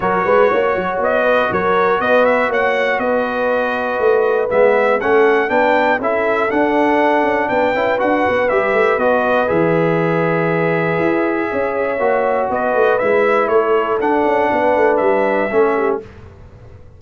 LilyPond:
<<
  \new Staff \with { instrumentName = "trumpet" } { \time 4/4 \tempo 4 = 120 cis''2 dis''4 cis''4 | dis''8 e''8 fis''4 dis''2~ | dis''4 e''4 fis''4 g''4 | e''4 fis''2 g''4 |
fis''4 e''4 dis''4 e''4~ | e''1~ | e''4 dis''4 e''4 cis''4 | fis''2 e''2 | }
  \new Staff \with { instrumentName = "horn" } { \time 4/4 ais'8 b'8 cis''4. b'8 ais'4 | b'4 cis''4 b'2~ | b'2 a'4 b'4 | a'2. b'4~ |
b'1~ | b'2. cis''4~ | cis''4 b'2 a'4~ | a'4 b'2 a'8 g'8 | }
  \new Staff \with { instrumentName = "trombone" } { \time 4/4 fis'1~ | fis'1~ | fis'4 b4 cis'4 d'4 | e'4 d'2~ d'8 e'8 |
fis'4 g'4 fis'4 gis'4~ | gis'1 | fis'2 e'2 | d'2. cis'4 | }
  \new Staff \with { instrumentName = "tuba" } { \time 4/4 fis8 gis8 ais8 fis8 b4 fis4 | b4 ais4 b2 | a4 gis4 a4 b4 | cis'4 d'4. cis'8 b8 cis'8 |
d'8 b8 g8 a8 b4 e4~ | e2 e'4 cis'4 | ais4 b8 a8 gis4 a4 | d'8 cis'8 b8 a8 g4 a4 | }
>>